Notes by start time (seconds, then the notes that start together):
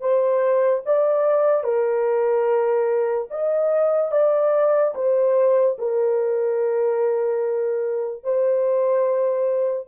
0.00 C5
0.86 D5
1.63 A#4
3.30 D#5
4.12 D5
4.95 C5
5.78 A#4
8.23 C5